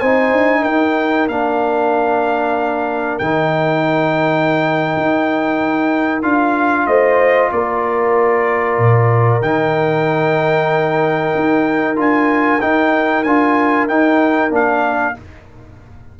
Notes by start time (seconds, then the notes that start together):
0.00 C4 D#4 C5 G#5
0.33 D4
0.62 D#4 A#4 G5
1.28 A#3 D4 F5
3.19 D#3 D#4 G5
4.97 D#4
6.22 D4 F4 F5
6.87 A3 C5 D#5
7.52 A#3 A#4 D5
8.78 A#2
9.42 D#3 D#4 G5
11.35 D#4
11.96 D4 F4 G#5
12.61 D#4 G5
13.23 D4 F4 G#5
13.88 D#4 G5
14.51 A#3 D4 F5